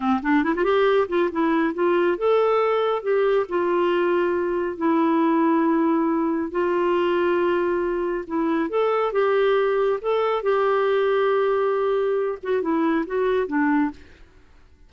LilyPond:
\new Staff \with { instrumentName = "clarinet" } { \time 4/4 \tempo 4 = 138 c'8 d'8 e'16 f'16 g'4 f'8 e'4 | f'4 a'2 g'4 | f'2. e'4~ | e'2. f'4~ |
f'2. e'4 | a'4 g'2 a'4 | g'1~ | g'8 fis'8 e'4 fis'4 d'4 | }